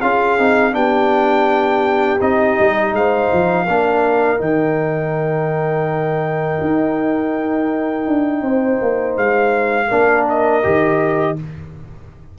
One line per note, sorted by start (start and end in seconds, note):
0.00 0.38 C#4
0.00 0.39 F4
0.00 0.73 G#4
0.00 0.74 F5
0.38 0.74 C4
0.38 0.72 D#4
0.72 2.20 B3
0.72 2.18 D4
0.72 2.94 G4
0.72 2.20 G5
2.20 2.57 C4
2.20 3.67 D#4
2.20 2.94 D#5
2.59 2.92 G3
2.92 3.28 G#3
2.92 3.65 C5
2.92 4.41 F5
3.33 3.68 F3
3.65 4.39 A#3
3.65 4.37 D4
3.65 8.40 A#4
4.37 6.59 D#3
4.37 9.86 D#4
4.37 9.16 G5
6.61 8.07 D#4
8.07 8.42 D4
8.42 8.78 C4
8.42 9.87 C5
8.81 9.17 A#3
9.17 9.90 G#3
9.17 10.27 F5
9.87 10.65 A#3
9.87 10.62 D4
9.87 11.34 A#4
10.29 11.38 D#5
10.62 11.38 D#3
10.62 11.36 G4